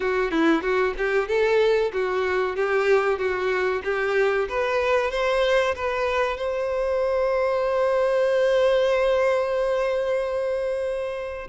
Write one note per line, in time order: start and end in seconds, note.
0.00 0.31 F#4
0.31 0.62 E4
0.62 0.93 F#4
0.97 1.28 G4
1.28 1.91 A4
1.92 2.55 F#4
2.55 3.18 G4
3.18 3.82 F#4
3.84 4.47 G4
4.48 5.10 B4
5.10 5.74 C5
5.75 6.37 B4
6.37 11.47 C5